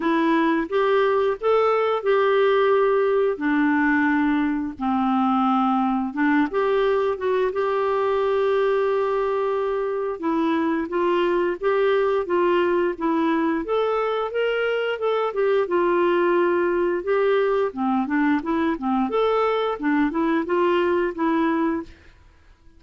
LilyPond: \new Staff \with { instrumentName = "clarinet" } { \time 4/4 \tempo 4 = 88 e'4 g'4 a'4 g'4~ | g'4 d'2 c'4~ | c'4 d'8 g'4 fis'8 g'4~ | g'2. e'4 |
f'4 g'4 f'4 e'4 | a'4 ais'4 a'8 g'8 f'4~ | f'4 g'4 c'8 d'8 e'8 c'8 | a'4 d'8 e'8 f'4 e'4 | }